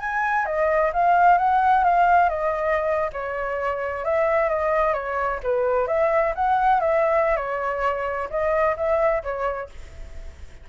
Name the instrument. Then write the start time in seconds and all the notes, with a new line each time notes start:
flute
0.00 G#5
0.46 D#5
0.94 F5
1.38 F#5
1.84 F5
2.30 D#5
3.13 C#5
4.04 E5
4.49 D#5
4.94 C#5
5.43 B4
5.87 E5
6.35 F#5
6.81 E5
7.37 C#5
8.30 D#5
8.77 E5
9.23 C#5